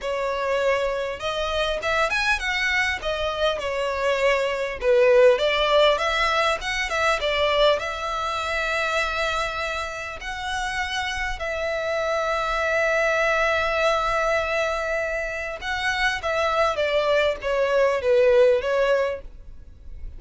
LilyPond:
\new Staff \with { instrumentName = "violin" } { \time 4/4 \tempo 4 = 100 cis''2 dis''4 e''8 gis''8 | fis''4 dis''4 cis''2 | b'4 d''4 e''4 fis''8 e''8 | d''4 e''2.~ |
e''4 fis''2 e''4~ | e''1~ | e''2 fis''4 e''4 | d''4 cis''4 b'4 cis''4 | }